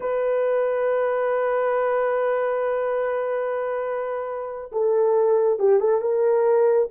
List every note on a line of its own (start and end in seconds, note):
0.00 4.71 B4
4.72 5.59 A4
5.59 5.80 G4
5.80 6.01 A4
6.01 6.88 A#4